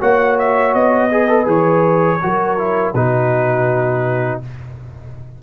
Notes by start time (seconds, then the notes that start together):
0.00 A#3 F#4 C#5 F#5
0.39 E5
0.74 B3 D#5
1.11 G#4 B4
1.29 A4
1.45 E3 G#4 C#5
2.22 F#3 F#4 A#4
2.58 E4
2.94 B2 D#4 F#4 B4